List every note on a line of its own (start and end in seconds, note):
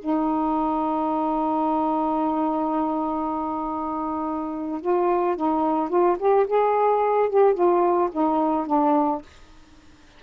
0.00 4.81 D#4
4.81 5.36 F4
5.36 5.90 D#4
5.90 6.17 F4
6.19 6.47 G4
6.47 7.29 G#4
7.29 7.54 G4
7.54 8.09 F4
8.12 8.67 D#4
8.67 9.22 D4